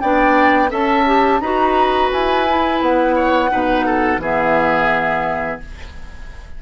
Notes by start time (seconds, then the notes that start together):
0.00 B3 D4 D5 G5
0.68 C#4 A4 E5 A5
1.06 G4
1.40 D#4 F#4 B4 A#5
2.12 E4 G#5
2.47 E4
2.81 B3 F#5
3.15 C#5
3.49 B2 D#4 B4
3.85 A4
4.17 E3 B3 G#4 E5